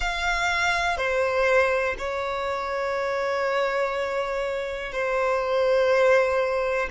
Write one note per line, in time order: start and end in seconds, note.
0.00 0.97 F5
0.97 1.95 C5
1.98 4.92 C#5
4.92 6.89 C5